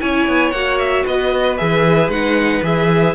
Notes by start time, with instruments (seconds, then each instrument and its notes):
0.00 cello C#4, viola E4, violin C#5 G#5
0.27 cello B3
0.51 cello A#3, viola F#4, violin F#5
0.79 violin E5
1.04 cello B3, violin B4 D#5
1.57 cello E3, viola G#4, violin E5
2.08 cello G#3, viola D#4, violin F#5
2.63 cello E3, viola G#4, violin E5